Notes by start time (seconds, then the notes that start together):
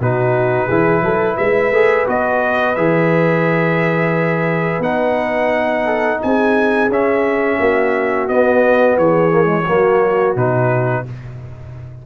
0.00 B2 D#4 F#4 B4
0.68 E3 E4 G#4
1.02 F#3 A4
1.36 G#3 B4 E5
1.72 A3 G#4
2.07 B3 F#4 D#5
2.76 E3 G#4 E5
4.79 B3 D#4 F#5
5.85 A4
6.22 C4 G#4 G#5
6.89 C#4 E5
7.60 A#3 F#4
8.28 B3 D#5
8.98 E3 G#4 C#5
9.31 A#3
9.45 G#3
9.66 F#3 A#3 F#4
10.36 B2 D#4 B4